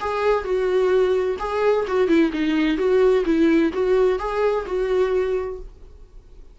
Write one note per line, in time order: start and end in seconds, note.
0.00 0.44 G#4
0.44 1.37 F#4
1.39 1.85 G#4
1.87 2.07 F#4
2.07 2.31 E4
2.32 2.77 D#4
2.77 3.23 F#4
3.25 3.72 E4
3.73 4.19 F#4
4.19 4.65 G#4
4.66 5.59 F#4